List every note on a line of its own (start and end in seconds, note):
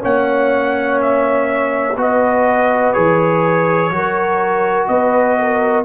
0.00 1.96 A#3
0.00 1.94 C#4
0.00 1.96 C#5
0.00 1.01 F#5
1.02 1.99 E5
1.96 2.93 B3
1.96 2.95 F#4
1.96 3.93 B4
1.96 2.93 D#5
2.93 3.91 E3
2.93 3.91 G#4
2.93 4.87 C#5
3.91 4.88 F#3
3.91 5.85 F#4
3.91 4.89 A#4
4.88 5.85 B3
4.88 5.38 B4
4.88 5.85 D#5
5.39 5.85 A#4